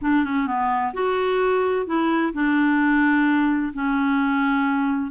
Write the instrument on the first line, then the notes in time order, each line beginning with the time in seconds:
clarinet
0.01 D4
0.24 C#4
0.46 B3
0.93 F#4
1.86 E4
2.33 D4
3.73 C#4